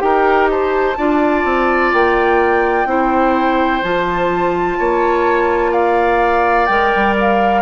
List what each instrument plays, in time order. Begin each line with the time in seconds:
0.00 bassoon D#4, clarinet G4, oboe A#4, flute G5
0.50 oboe C5, flute A5
0.98 bassoon D4, clarinet F4, oboe D5
1.45 bassoon C4
1.93 bassoon A#3, flute G5
2.86 bassoon C4, clarinet E4, oboe C5
3.84 bassoon F3, clarinet F4, flute A5
4.79 bassoon A#3, oboe C#5
5.72 oboe D5, flute F5
6.66 bassoon G#3, clarinet A#4, flute G5
6.96 bassoon G3
7.21 flute F5